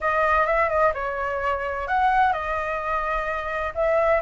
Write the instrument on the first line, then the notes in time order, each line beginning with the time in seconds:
flute
0.00 D#5
0.46 E5
0.69 D#5
0.94 C#5
1.87 F#5
2.32 D#5
3.74 E5